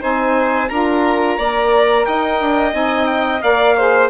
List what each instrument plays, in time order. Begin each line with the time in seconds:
0.00 bassoon C4, saxophone D#4, violin C5, trumpet G#5
0.69 bassoon D4, saxophone F4, violin A#4, trumpet A#5
1.38 bassoon A#3, saxophone A#4, violin D5
2.05 bassoon D#4, violin D#5, trumpet G5
2.40 bassoon D4
2.72 bassoon C4, saxophone D#4, trumpet G#5
3.06 trumpet G5
3.42 bassoon A#3, saxophone A#4, violin D5, trumpet F5
3.77 saxophone G#4, violin C5